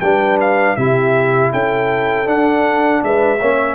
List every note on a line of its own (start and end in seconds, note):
0.00 0.76 G3
0.00 0.77 D4
0.00 0.77 B4
0.00 0.38 G5
0.40 0.75 F5
0.75 1.52 C3
0.75 2.26 E4
0.75 1.51 G4
0.75 1.50 E5
1.51 2.27 C#4
1.51 3.01 A4
1.51 2.27 G5
2.26 3.38 D4
2.26 3.02 D4
2.26 3.03 F#5
3.03 3.40 G#3
3.03 3.39 B4
3.03 3.75 E5
3.39 3.75 A#3
3.39 3.75 C#4
3.39 3.75 C#5